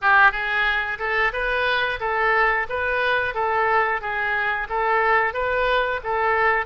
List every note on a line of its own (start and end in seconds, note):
0.02 0.32 G4
0.32 0.98 G#4
0.98 1.32 A4
1.32 1.99 B4
2.00 2.66 A4
2.69 3.34 B4
3.34 4.01 A4
4.01 4.67 G#4
4.69 5.33 A4
5.33 6.00 B4
6.03 6.65 A4